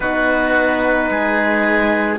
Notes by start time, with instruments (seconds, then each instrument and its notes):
0.00 cello B3, horn D#4, oboe F#4, trumpet B4
1.10 cello G#3, oboe G#4